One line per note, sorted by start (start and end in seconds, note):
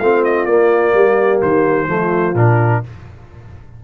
0.00 0.46 A3
0.00 0.49 C4
0.00 0.95 F4
0.00 0.24 F5
0.25 0.46 D#5
0.46 0.93 A#3
0.46 1.88 A#3
0.46 1.40 D5
0.94 1.42 G3
0.94 1.88 G4
1.42 1.88 D#3
1.42 2.37 C5
1.88 2.35 F3
1.88 2.36 A3
1.88 2.83 F4
2.35 2.82 A#2
2.35 2.84 D4
2.35 2.84 A#4